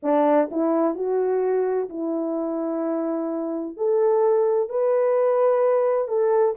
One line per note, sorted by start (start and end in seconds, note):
0.03 0.49 D4
0.51 0.95 E4
0.95 1.88 F#4
1.89 3.76 E4
3.76 4.69 A4
4.69 6.08 B4
6.08 6.55 A4